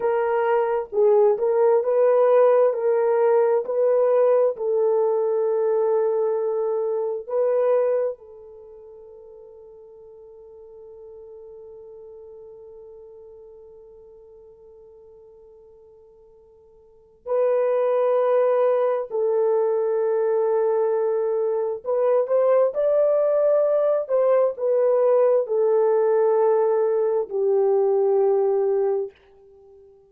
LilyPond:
\new Staff \with { instrumentName = "horn" } { \time 4/4 \tempo 4 = 66 ais'4 gis'8 ais'8 b'4 ais'4 | b'4 a'2. | b'4 a'2.~ | a'1~ |
a'2. b'4~ | b'4 a'2. | b'8 c''8 d''4. c''8 b'4 | a'2 g'2 | }